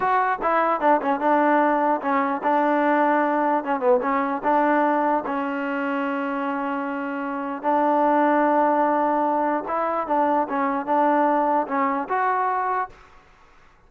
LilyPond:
\new Staff \with { instrumentName = "trombone" } { \time 4/4 \tempo 4 = 149 fis'4 e'4 d'8 cis'8 d'4~ | d'4 cis'4 d'2~ | d'4 cis'8 b8 cis'4 d'4~ | d'4 cis'2.~ |
cis'2. d'4~ | d'1 | e'4 d'4 cis'4 d'4~ | d'4 cis'4 fis'2 | }